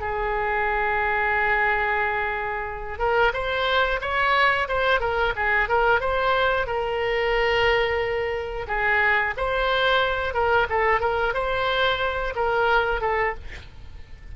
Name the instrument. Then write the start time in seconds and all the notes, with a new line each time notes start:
oboe
0.00 G#4
2.98 A#4
3.33 C5
4.01 C#5
4.68 C5
5.00 A#4
5.36 G#4
5.68 A#4
6.00 C5
6.66 A#4
8.67 G#4
9.37 C5
10.34 A#4
10.69 A4
11.00 A#4
11.33 C5
12.35 A#4
13.01 A4